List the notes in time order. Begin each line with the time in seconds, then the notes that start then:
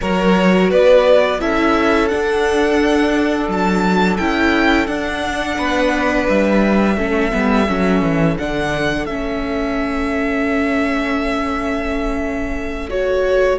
0.01 F#3 F#4 A#4 C#5
0.70 B3 B4 D5
1.39 C#4 E4 A4 E5
2.08 D4 F#5
3.48 F#3 A5
4.17 C#4 E4 G5
4.86 D4 F#5
5.57 B3 B4
6.28 G3 E5
6.96 A3 C#4 A4
7.31 G3 B3
7.68 F#3 C#4
8.01 E3
8.37 D3 D4 F#5
9.06 A3 C#4 E5
12.89 F#4 C#5